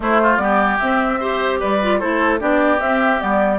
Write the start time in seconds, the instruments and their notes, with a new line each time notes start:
0.00 bassoon A3, clarinet A3, oboe E4, flute C5
0.22 oboe F4
0.37 bassoon G3, clarinet B3, oboe G4, flute D5
0.79 clarinet C4, bassoon C4, flute E5
1.19 clarinet G4, oboe C5
1.59 bassoon G3, oboe B4, flute D5
1.82 clarinet F4
1.99 bassoon A3, clarinet E4, oboe A4, flute C5
2.39 bassoon B3, clarinet D4, oboe G4, flute D5
2.78 clarinet C4, bassoon C4, flute E5
3.18 bassoon G3, clarinet B3, flute D5